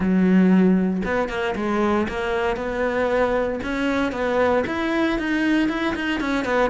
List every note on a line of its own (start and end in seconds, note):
0.00 1.02 F#3
1.04 1.28 B3
1.28 1.54 A#3
1.55 2.07 G#3
2.08 2.56 A#3
2.56 3.59 B3
3.63 4.12 C#4
4.12 4.63 B3
4.66 5.18 E4
5.18 5.68 D#4
5.68 5.94 E4
5.95 6.20 D#4
6.20 6.44 C#4
6.44 6.70 B3